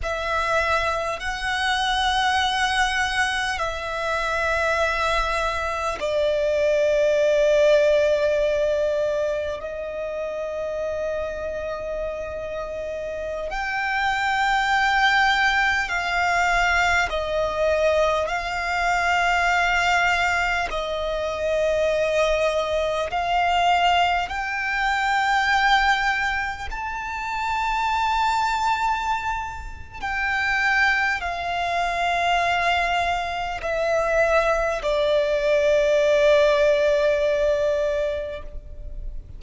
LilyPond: \new Staff \with { instrumentName = "violin" } { \time 4/4 \tempo 4 = 50 e''4 fis''2 e''4~ | e''4 d''2. | dis''2.~ dis''16 g''8.~ | g''4~ g''16 f''4 dis''4 f''8.~ |
f''4~ f''16 dis''2 f''8.~ | f''16 g''2 a''4.~ a''16~ | a''4 g''4 f''2 | e''4 d''2. | }